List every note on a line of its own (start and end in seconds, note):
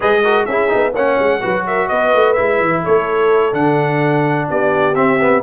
0.00 0.47 G#3
0.00 0.23 G#4
0.00 0.22 B4
0.00 0.45 D#5
0.24 0.48 F#4
0.24 0.45 A#4
0.45 0.70 C#4
0.45 0.68 E4
0.45 0.92 G#4
0.45 0.93 E5
0.68 0.94 B3
0.68 0.92 D#4
0.93 1.18 A#3
0.93 1.41 C#4
0.93 1.40 C#5
0.93 1.66 F#5
1.19 1.42 G#3
1.41 1.90 F#3
1.41 2.35 F#4
1.41 1.65 B4
1.66 1.88 A#4
1.66 1.88 E5
1.88 2.14 B3
1.88 2.83 B4
1.88 2.33 D#5
2.14 2.37 A3
2.33 2.60 G#3
2.33 3.52 E4
2.33 2.80 E5
2.60 2.83 E3
2.83 3.52 A3
2.83 4.48 A4
2.83 3.53 C#5
3.52 4.47 D3
3.52 4.94 D4
3.52 4.48 F#5
4.48 4.95 B3
4.48 5.43 G4
4.48 4.94 D5
4.94 5.42 C4
4.94 5.19 C4
4.94 5.42 E5
5.20 5.43 B3